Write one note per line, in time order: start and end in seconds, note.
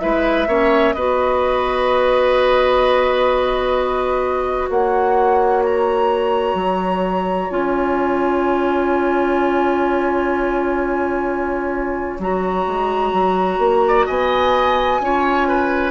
0.00 0.48 G#3
0.00 0.47 E4
0.00 0.48 B4
0.00 0.94 E5
0.48 0.95 A#3
0.48 0.95 C#4
0.48 0.95 C#5
0.94 4.70 B3
0.94 7.51 F#4
0.94 4.70 B4
0.94 4.69 D#5
4.70 6.54 A#3
4.70 13.84 C#5
4.70 5.64 F#5
5.65 7.51 A#5
6.54 7.48 F#3
7.51 12.19 C#4
7.51 12.19 F4
7.51 12.20 G#5
12.19 12.66 F#3
12.19 15.03 F#4
12.19 14.07 A#5
12.67 13.12 G#3
13.12 13.59 F#3
13.59 14.06 A#3
13.88 14.06 D5
14.06 15.00 B3
14.06 15.00 D#5
14.06 15.91 G#5
15.00 15.91 C#4
15.00 15.91 F4
15.00 15.48 C#5
15.48 15.91 B4